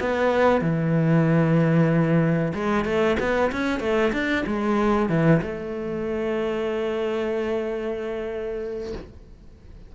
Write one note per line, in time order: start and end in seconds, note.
0.00 0.61 B3
0.61 2.53 E3
2.54 2.85 G#3
2.85 3.17 A3
3.19 3.51 B3
3.52 3.80 C#4
3.80 4.12 A3
4.13 4.45 D4
4.46 5.09 G#3
5.09 5.41 E3
5.42 8.93 A3